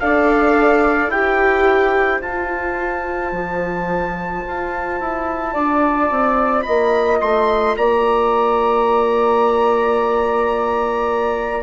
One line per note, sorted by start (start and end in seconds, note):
0.00 1.08 D4
0.00 1.12 A4
0.00 1.12 D5
0.00 1.11 F5
1.08 2.19 E4
1.08 2.19 G4
1.08 5.53 C5
1.08 2.22 G5
2.19 11.63 F4
2.19 3.32 F4
2.19 6.62 A5
3.32 4.44 F3
4.47 5.00 F4
5.00 5.55 E4
5.53 6.10 D4
5.53 6.64 D5
6.10 6.66 C4
6.62 7.22 A#3
6.62 7.76 D#5
6.62 7.18 B5
7.21 7.76 A3
7.21 7.77 C6
7.76 11.63 A#3
7.76 11.63 D5
7.76 11.63 A#5